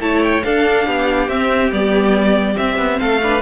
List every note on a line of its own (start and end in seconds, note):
0.00 0.43 A3
0.00 0.43 E4
0.00 0.44 C#5
0.00 0.22 A5
0.23 0.44 G5
0.44 1.29 D4
0.44 0.87 D4
0.44 0.86 A4
0.44 1.29 F5
0.86 1.28 B3
0.86 2.99 G4
1.28 1.71 C4
1.28 1.71 E5
1.71 2.57 G3
1.71 2.55 B3
1.71 2.57 D5
2.55 3.18 C4
2.55 2.78 C4
2.55 2.99 E5
2.78 2.99 B3
2.99 3.42 A3
2.99 3.21 A4
2.99 3.42 F5
3.22 3.42 D4
3.22 3.42 B4